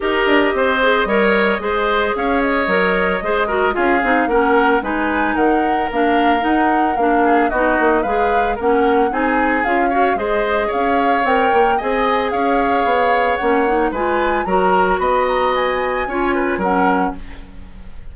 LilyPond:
<<
  \new Staff \with { instrumentName = "flute" } { \time 4/4 \tempo 4 = 112 dis''1 | f''8 dis''2~ dis''8 f''4 | fis''4 gis''4 fis''4 f''4 | fis''4 f''4 dis''4 f''4 |
fis''4 gis''4 f''4 dis''4 | f''4 g''4 gis''4 f''4~ | f''4 fis''4 gis''4 ais''4 | b''8 ais''8 gis''2 fis''4 | }
  \new Staff \with { instrumentName = "oboe" } { \time 4/4 ais'4 c''4 cis''4 c''4 | cis''2 c''8 ais'8 gis'4 | ais'4 b'4 ais'2~ | ais'4. gis'8 fis'4 b'4 |
ais'4 gis'4. cis''8 c''4 | cis''2 dis''4 cis''4~ | cis''2 b'4 ais'4 | dis''2 cis''8 b'8 ais'4 | }
  \new Staff \with { instrumentName = "clarinet" } { \time 4/4 g'4. gis'8 ais'4 gis'4~ | gis'4 ais'4 gis'8 fis'8 f'8 dis'8 | cis'4 dis'2 d'4 | dis'4 d'4 dis'4 gis'4 |
cis'4 dis'4 f'8 fis'8 gis'4~ | gis'4 ais'4 gis'2~ | gis'4 cis'8 dis'8 f'4 fis'4~ | fis'2 f'4 cis'4 | }
  \new Staff \with { instrumentName = "bassoon" } { \time 4/4 dis'8 d'8 c'4 g4 gis4 | cis'4 fis4 gis4 cis'8 c'8 | ais4 gis4 dis4 ais4 | dis'4 ais4 b8 ais8 gis4 |
ais4 c'4 cis'4 gis4 | cis'4 c'8 ais8 c'4 cis'4 | b4 ais4 gis4 fis4 | b2 cis'4 fis4 | }
>>